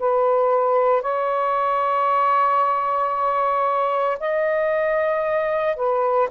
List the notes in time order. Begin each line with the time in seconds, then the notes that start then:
0.00 B4
1.02 C#5
4.20 D#5
5.76 B4